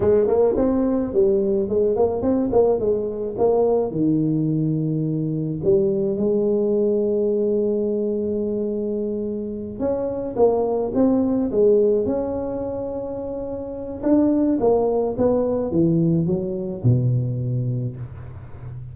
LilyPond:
\new Staff \with { instrumentName = "tuba" } { \time 4/4 \tempo 4 = 107 gis8 ais8 c'4 g4 gis8 ais8 | c'8 ais8 gis4 ais4 dis4~ | dis2 g4 gis4~ | gis1~ |
gis4. cis'4 ais4 c'8~ | c'8 gis4 cis'2~ cis'8~ | cis'4 d'4 ais4 b4 | e4 fis4 b,2 | }